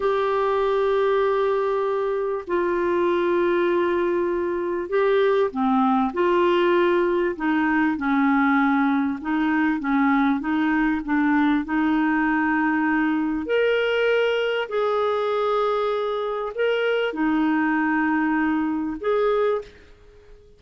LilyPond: \new Staff \with { instrumentName = "clarinet" } { \time 4/4 \tempo 4 = 98 g'1 | f'1 | g'4 c'4 f'2 | dis'4 cis'2 dis'4 |
cis'4 dis'4 d'4 dis'4~ | dis'2 ais'2 | gis'2. ais'4 | dis'2. gis'4 | }